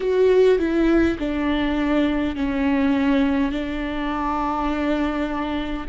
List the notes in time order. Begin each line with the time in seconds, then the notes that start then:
0.00 F#4
0.58 E4
1.18 D4
2.35 C#4
3.51 D4